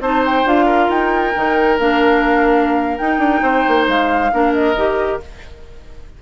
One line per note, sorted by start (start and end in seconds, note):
0.00 0.44 C4
0.00 0.45 D#4
0.00 0.66 C5
0.00 0.24 A5
0.26 0.48 G5
0.45 0.89 D4
0.45 1.34 F4
0.45 0.90 F5
0.66 3.42 A#4
0.89 1.33 D#4
0.89 1.78 G5
1.35 1.79 D#3
1.35 1.79 D#4
1.79 3.00 A#3
1.79 2.99 D4
1.79 2.98 F5
2.98 4.31 D#4
2.98 3.19 D#4
2.98 3.86 G5
3.19 3.41 D4
3.42 3.64 C4
3.42 4.31 C5
3.68 3.88 A#3
3.88 4.32 G#3
3.88 4.53 F5
4.32 4.76 A#3
4.32 4.76 D4
4.32 5.22 A#4
4.53 5.20 D#5
4.76 5.20 D#3
4.76 5.20 G4